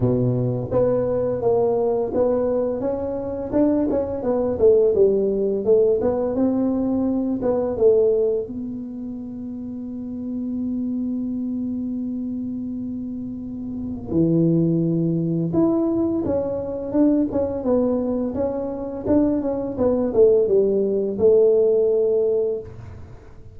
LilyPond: \new Staff \with { instrumentName = "tuba" } { \time 4/4 \tempo 4 = 85 b,4 b4 ais4 b4 | cis'4 d'8 cis'8 b8 a8 g4 | a8 b8 c'4. b8 a4 | b1~ |
b1 | e2 e'4 cis'4 | d'8 cis'8 b4 cis'4 d'8 cis'8 | b8 a8 g4 a2 | }